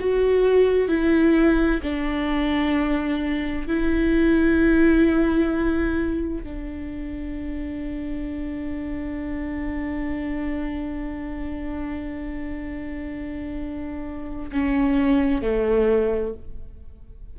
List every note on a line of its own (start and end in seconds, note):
0.00 0.89 F#4
0.89 1.81 E4
1.83 3.67 D4
3.67 6.44 E4
6.44 14.51 D4
14.52 15.42 C#4
15.42 16.34 A3